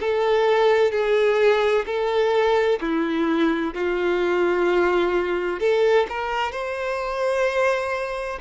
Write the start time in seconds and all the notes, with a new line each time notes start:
0.00 A4
0.92 G#4
1.86 A4
2.81 E4
3.75 F4
5.60 A4
6.09 A#4
6.52 C5